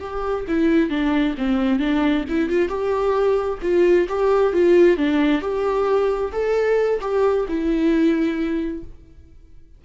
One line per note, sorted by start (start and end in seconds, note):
0.00 0.45 G4
0.48 0.90 E4
0.90 1.35 D4
1.38 1.79 C4
1.79 2.24 D4
2.29 2.49 E4
2.49 2.68 F4
2.68 3.59 G4
3.62 4.07 F4
4.08 4.53 G4
4.53 4.97 F4
4.97 5.41 D4
5.41 6.32 G4
6.32 7.00 A4
7.01 7.46 G4
7.48 8.83 E4